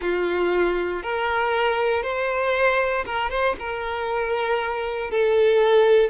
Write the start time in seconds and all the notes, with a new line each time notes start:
0.00 F4
1.03 A#4
2.02 C5
3.05 A#4
3.30 C5
3.59 A#4
5.10 A4